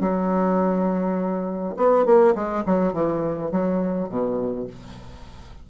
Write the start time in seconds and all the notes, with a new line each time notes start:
0.00 F#3
1.76 B3
2.05 A#3
2.35 G#3
2.66 F#3
2.93 E3
3.51 F#3
4.09 B2